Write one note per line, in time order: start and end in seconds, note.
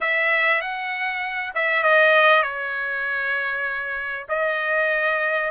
0.01 0.61 E5
0.61 1.53 F#5
1.54 1.83 E5
1.83 2.42 D#5
2.42 4.26 C#5
4.28 5.51 D#5